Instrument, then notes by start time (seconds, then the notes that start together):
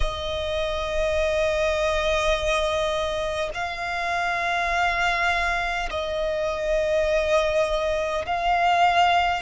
violin
0.00 D#5
3.53 F5
5.90 D#5
8.26 F5